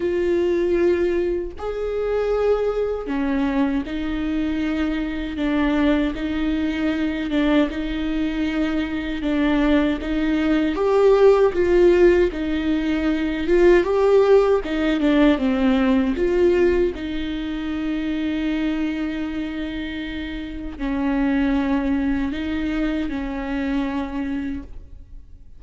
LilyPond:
\new Staff \with { instrumentName = "viola" } { \time 4/4 \tempo 4 = 78 f'2 gis'2 | cis'4 dis'2 d'4 | dis'4. d'8 dis'2 | d'4 dis'4 g'4 f'4 |
dis'4. f'8 g'4 dis'8 d'8 | c'4 f'4 dis'2~ | dis'2. cis'4~ | cis'4 dis'4 cis'2 | }